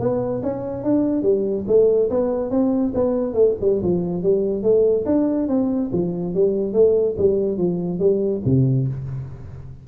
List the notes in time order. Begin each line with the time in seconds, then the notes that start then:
0.00 B3
0.43 C#4
0.84 D4
1.23 G3
1.68 A3
2.10 B3
2.51 C4
2.95 B3
3.34 A3
3.61 G3
3.83 F3
4.23 G3
4.63 A3
5.06 D4
5.49 C4
5.93 F3
6.35 G3
6.74 A3
7.18 G3
7.58 F3
7.99 G3
8.46 C3